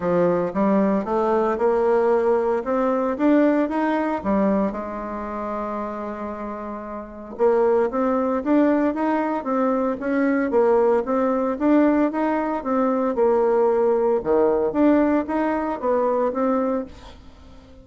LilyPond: \new Staff \with { instrumentName = "bassoon" } { \time 4/4 \tempo 4 = 114 f4 g4 a4 ais4~ | ais4 c'4 d'4 dis'4 | g4 gis2.~ | gis2 ais4 c'4 |
d'4 dis'4 c'4 cis'4 | ais4 c'4 d'4 dis'4 | c'4 ais2 dis4 | d'4 dis'4 b4 c'4 | }